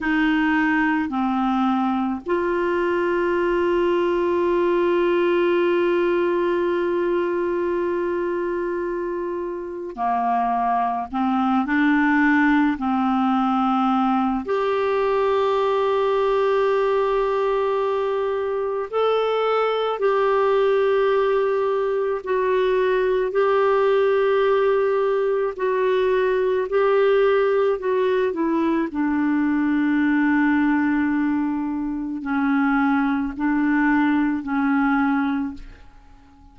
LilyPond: \new Staff \with { instrumentName = "clarinet" } { \time 4/4 \tempo 4 = 54 dis'4 c'4 f'2~ | f'1~ | f'4 ais4 c'8 d'4 c'8~ | c'4 g'2.~ |
g'4 a'4 g'2 | fis'4 g'2 fis'4 | g'4 fis'8 e'8 d'2~ | d'4 cis'4 d'4 cis'4 | }